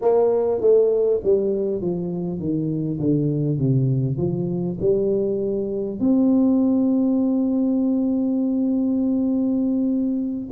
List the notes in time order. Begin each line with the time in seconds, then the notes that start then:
0.01 A#3
0.60 A3
1.23 G3
1.81 F3
2.39 D#3
2.99 D3
3.57 C3
4.17 F3
4.80 G3
5.99 C4